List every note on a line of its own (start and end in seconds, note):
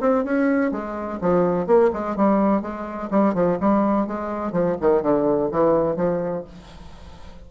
0.00 0.24 C4
0.24 0.71 C#4
0.71 1.19 G#3
1.21 1.66 F3
1.66 1.90 A#3
1.93 2.16 G#3
2.16 2.61 G3
2.61 3.09 G#3
3.10 3.34 G3
3.34 3.58 F3
3.60 4.07 G3
4.07 4.52 G#3
4.52 4.76 F3
4.80 5.02 D#3
5.02 5.50 D3
5.51 5.96 E3
5.96 6.44 F3